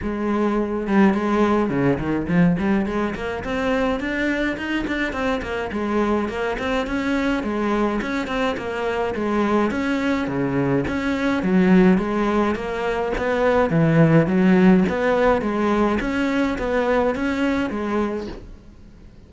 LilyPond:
\new Staff \with { instrumentName = "cello" } { \time 4/4 \tempo 4 = 105 gis4. g8 gis4 cis8 dis8 | f8 g8 gis8 ais8 c'4 d'4 | dis'8 d'8 c'8 ais8 gis4 ais8 c'8 | cis'4 gis4 cis'8 c'8 ais4 |
gis4 cis'4 cis4 cis'4 | fis4 gis4 ais4 b4 | e4 fis4 b4 gis4 | cis'4 b4 cis'4 gis4 | }